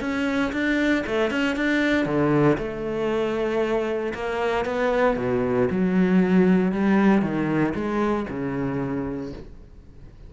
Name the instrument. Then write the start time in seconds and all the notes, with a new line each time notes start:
cello
0.00 C#4
0.52 D4
1.06 A3
1.30 C#4
1.56 D4
2.05 D3
2.58 A3
4.14 A#3
4.65 B3
5.17 B2
5.70 F#3
6.72 G3
7.22 D#3
7.74 G#3
8.29 C#3